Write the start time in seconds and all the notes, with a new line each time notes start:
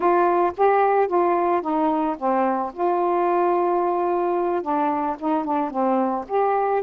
0.00 F4
0.57 G4
1.07 F4
1.61 D#4
2.17 C4
2.73 F4
4.61 D4
5.19 D#4
5.44 D4
5.70 C4
6.28 G4